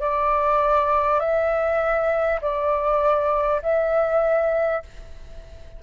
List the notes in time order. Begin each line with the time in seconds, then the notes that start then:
0.00 D5
1.19 E5
2.41 D5
3.62 E5